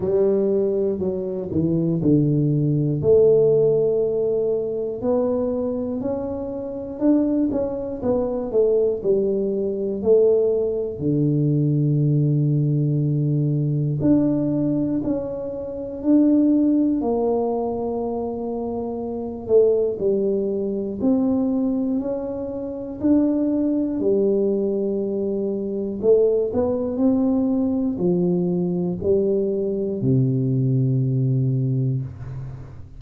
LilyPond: \new Staff \with { instrumentName = "tuba" } { \time 4/4 \tempo 4 = 60 g4 fis8 e8 d4 a4~ | a4 b4 cis'4 d'8 cis'8 | b8 a8 g4 a4 d4~ | d2 d'4 cis'4 |
d'4 ais2~ ais8 a8 | g4 c'4 cis'4 d'4 | g2 a8 b8 c'4 | f4 g4 c2 | }